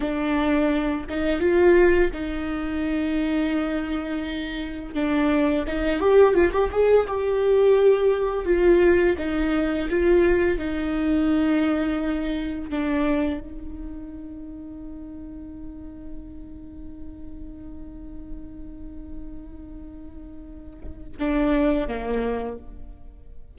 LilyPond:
\new Staff \with { instrumentName = "viola" } { \time 4/4 \tempo 4 = 85 d'4. dis'8 f'4 dis'4~ | dis'2. d'4 | dis'8 g'8 f'16 g'16 gis'8 g'2 | f'4 dis'4 f'4 dis'4~ |
dis'2 d'4 dis'4~ | dis'1~ | dis'1~ | dis'2 d'4 ais4 | }